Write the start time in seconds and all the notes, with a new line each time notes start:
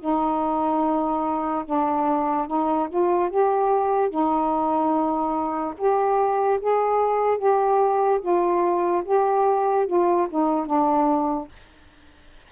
0.00 D#4
1.65 D4
2.47 D#4
2.89 F4
3.30 G4
4.09 D#4
5.77 G4
6.60 G#4
7.37 G4
8.21 F4
9.05 G4
9.86 F4
10.30 D#4
10.66 D4